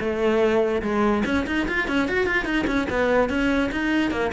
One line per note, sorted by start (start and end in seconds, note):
0.00 0.82 A3
0.83 1.24 G#3
1.26 1.46 C#4
1.47 1.68 D#4
1.68 1.88 F4
1.88 2.09 C#4
2.09 2.27 F#4
2.27 2.45 F4
2.45 2.66 D#4
2.67 2.88 C#4
2.90 3.30 B3
3.30 3.71 C#4
3.72 4.11 D#4
4.11 4.32 A#3